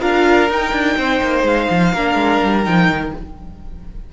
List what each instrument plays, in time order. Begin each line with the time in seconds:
0.00 cello D4, viola F4, violin A#4 F5
0.49 cello D#4, viola D#4, violin G5
0.72 cello D4
0.97 cello C4, violin C5
1.22 cello A#3
1.43 cello G#3, violin F5
1.70 cello F3
1.92 cello A#3, viola D4, violin A#4
2.14 cello G#3
2.43 cello G3
2.63 cello F3, viola D#4, violin G5
2.89 cello D#3